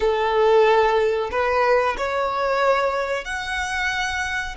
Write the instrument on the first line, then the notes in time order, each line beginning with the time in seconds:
violin
0.00 A4
1.31 B4
1.97 C#5
3.24 F#5